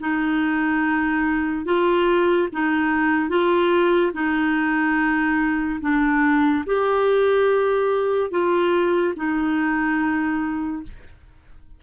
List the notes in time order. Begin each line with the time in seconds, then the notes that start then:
0.00 D#4
1.65 F4
2.53 D#4
3.29 F4
4.13 D#4
5.81 D4
6.66 G4
8.31 F4
9.16 D#4